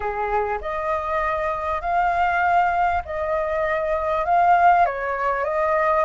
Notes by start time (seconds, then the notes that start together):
0.00 G#4
0.61 D#5
1.81 F5
3.05 D#5
4.25 F5
4.85 C#5
5.44 D#5